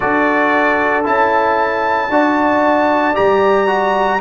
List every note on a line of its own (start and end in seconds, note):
0.00 1.07 D4
0.00 1.04 F#4
0.00 2.09 A4
0.00 1.04 D5
1.04 2.08 C#4
1.04 2.09 E4
1.04 3.15 A5
2.08 3.13 D4
2.08 3.14 F#4
2.08 4.20 D5
3.14 4.20 G3
3.14 3.66 G4
3.14 4.20 A#5
3.66 4.19 F#4